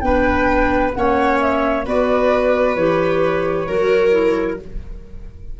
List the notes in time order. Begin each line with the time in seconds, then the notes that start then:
0.00 B3 D4 B4 G5
0.94 A#3 C#4 C#5 F#5
1.40 E5
1.85 B3 F#4 B4 D5
2.75 E3 G4 C#5
3.67 F#3 F#4 A#4
4.10 E4